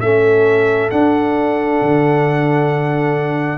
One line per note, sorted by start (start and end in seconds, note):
0.00 0.91 A3
0.00 0.91 C#4
0.00 3.58 A4
0.00 0.90 E5
0.90 3.58 D4
0.90 1.81 D4
0.90 3.58 F#5
1.82 3.58 D3